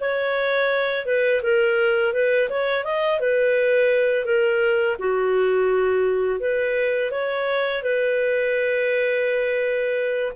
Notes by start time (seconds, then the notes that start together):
0.00 C#5
1.06 B4
1.43 A#4
2.13 B4
2.49 C#5
2.84 D#5
3.20 B4
4.25 A#4
4.99 F#4
6.40 B4
7.11 C#5
7.82 B4